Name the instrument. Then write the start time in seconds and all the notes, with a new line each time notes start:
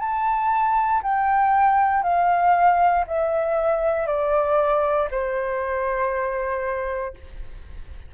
flute
0.00 A5
1.03 G5
2.03 F5
3.07 E5
4.07 D5
5.11 C5